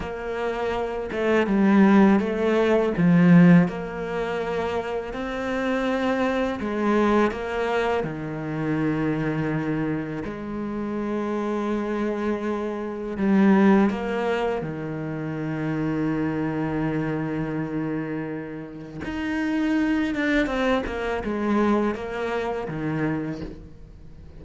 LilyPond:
\new Staff \with { instrumentName = "cello" } { \time 4/4 \tempo 4 = 82 ais4. a8 g4 a4 | f4 ais2 c'4~ | c'4 gis4 ais4 dis4~ | dis2 gis2~ |
gis2 g4 ais4 | dis1~ | dis2 dis'4. d'8 | c'8 ais8 gis4 ais4 dis4 | }